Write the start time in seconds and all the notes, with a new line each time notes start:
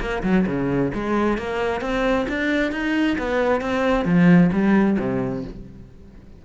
0.00 A#3
0.23 F#3
0.47 C#3
0.94 G#3
1.38 A#3
1.81 C4
2.28 D4
2.72 D#4
3.18 B3
3.61 C4
4.05 F3
4.52 G3
4.99 C3